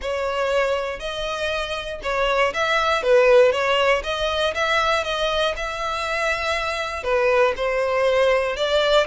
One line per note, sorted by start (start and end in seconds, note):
0.01 0.99 C#5
0.99 2.00 D#5
2.02 2.53 C#5
2.53 3.03 E5
3.03 3.52 B4
3.52 4.02 C#5
4.03 4.54 D#5
4.54 5.04 E5
5.04 5.54 D#5
5.56 7.03 E5
7.03 7.54 B4
7.56 8.56 C5
8.56 9.06 D5